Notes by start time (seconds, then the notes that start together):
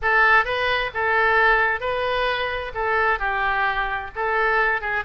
0.02 A4
0.45 B4
0.93 A4
1.80 B4
2.74 A4
3.19 G4
4.15 A4
4.81 G#4